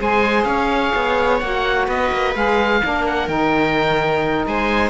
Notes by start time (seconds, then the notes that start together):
0.00 G#3 G#4 C5 G#5
0.44 C#4 C#5 F5
0.96 B3
1.39 A#3 F#4 F#5
1.86 B3 B4 D#5
2.12 A#3
2.34 G#3 G#4 F5
2.82 A#3 D4 A#4
3.06 F#5
3.28 D#3 D#4 G5
4.46 G#3 C5 G#5